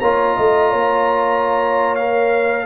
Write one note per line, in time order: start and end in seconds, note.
0.00 0.37 A#3
0.00 1.99 F4
0.00 0.36 C#5
0.00 1.95 A#5
0.37 0.72 A3
0.37 0.71 D#5
0.71 2.67 A#3
0.71 2.67 C#5
1.95 2.67 A#4
1.95 2.67 F5